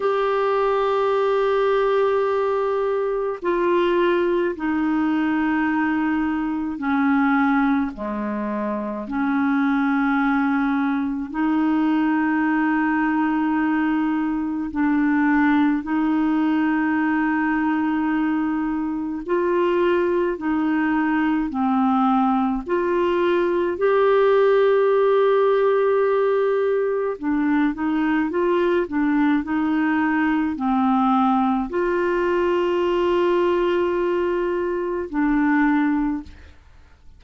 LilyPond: \new Staff \with { instrumentName = "clarinet" } { \time 4/4 \tempo 4 = 53 g'2. f'4 | dis'2 cis'4 gis4 | cis'2 dis'2~ | dis'4 d'4 dis'2~ |
dis'4 f'4 dis'4 c'4 | f'4 g'2. | d'8 dis'8 f'8 d'8 dis'4 c'4 | f'2. d'4 | }